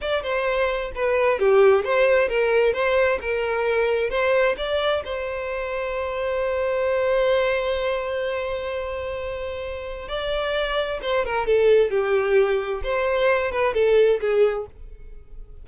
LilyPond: \new Staff \with { instrumentName = "violin" } { \time 4/4 \tempo 4 = 131 d''8 c''4. b'4 g'4 | c''4 ais'4 c''4 ais'4~ | ais'4 c''4 d''4 c''4~ | c''1~ |
c''1~ | c''2 d''2 | c''8 ais'8 a'4 g'2 | c''4. b'8 a'4 gis'4 | }